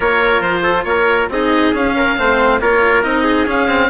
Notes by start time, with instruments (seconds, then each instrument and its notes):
0.00 bassoon A#3, cello F4, trumpet A#4, oboe C#5
0.41 bassoon F3, oboe C5
0.62 trumpet A4
0.84 bassoon A#3, trumpet A#4, oboe C#5
1.28 bassoon C4, cello D#4, trumpet G#4, oboe D#5
1.73 cello C#4, bassoon C#4, oboe F5
1.96 trumpet A#4
2.17 bassoon A3, cello C4, trumpet C5
2.60 bassoon A#3, cello F4, trumpet A#4, oboe C#5
3.03 bassoon C4, cello D#4, oboe D#5
3.23 trumpet G#4
3.46 cello C#4, bassoon C#4, oboe F5
3.68 cello C4